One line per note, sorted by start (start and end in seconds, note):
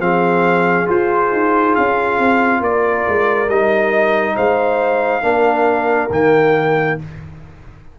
0.00 0.87 F3
0.00 0.87 C4
0.00 2.63 G#4
0.00 0.88 F5
0.87 3.47 F4
0.87 1.32 F4
0.87 1.76 C5
1.32 1.75 D#4
1.76 2.19 C#4
1.76 2.63 F5
2.19 2.61 C4
2.61 3.05 A#3
2.61 4.36 A#4
2.61 3.50 D5
3.08 3.49 G#3
3.49 4.36 G3
3.49 5.22 D#4
3.49 4.37 D#5
4.36 5.23 G#3
4.36 5.23 C5
4.36 6.11 F5
5.22 6.10 A#3
5.22 6.09 D4
5.22 6.97 A#4
6.11 6.97 D#3
6.11 7.00 A#3
6.11 6.99 G5